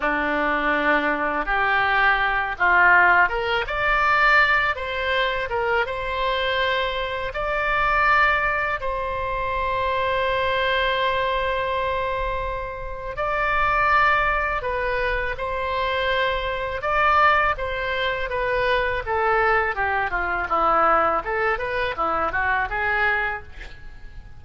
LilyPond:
\new Staff \with { instrumentName = "oboe" } { \time 4/4 \tempo 4 = 82 d'2 g'4. f'8~ | f'8 ais'8 d''4. c''4 ais'8 | c''2 d''2 | c''1~ |
c''2 d''2 | b'4 c''2 d''4 | c''4 b'4 a'4 g'8 f'8 | e'4 a'8 b'8 e'8 fis'8 gis'4 | }